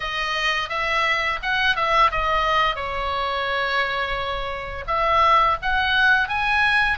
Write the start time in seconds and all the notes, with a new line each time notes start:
0.00 D#5
0.69 E5
1.42 F#5
1.76 E5
2.11 D#5
2.75 C#5
4.87 E5
5.62 F#5
6.28 G#5